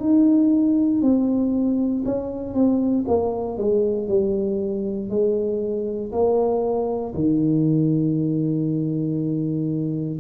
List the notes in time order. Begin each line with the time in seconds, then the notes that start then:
0.00 D#4
1.02 C4
2.05 C#4
2.54 C4
3.07 A#3
3.57 G#3
4.08 G3
5.10 G#3
6.12 A#3
7.14 D#3